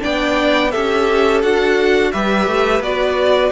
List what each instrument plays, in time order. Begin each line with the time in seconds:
0.00 cello B3, viola D4, violin D5 G5
0.71 cello C#4, viola G4, violin A4 E5
1.43 cello D4, viola F#4, violin F#5
2.12 cello G3, viola G4, violin B4 E5
2.48 cello A3
2.80 cello B3, viola F#4, violin D5